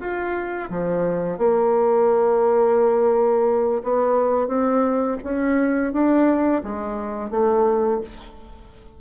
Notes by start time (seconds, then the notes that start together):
0.00 F4
0.70 F3
1.38 A#3
3.83 B3
4.48 C4
5.24 C#4
5.93 D4
6.63 G#3
7.31 A3